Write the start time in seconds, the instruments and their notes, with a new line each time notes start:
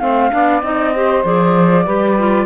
0.00 cello A3, clarinet C4, saxophone C5, flute F5
0.31 cello B3, clarinet D4, saxophone D5
0.62 cello C4, clarinet D#4, flute D#5
0.95 clarinet G4, saxophone C5
1.25 cello F3, clarinet G#4, flute D5
1.85 cello G3, clarinet G4, saxophone B4
2.19 clarinet F4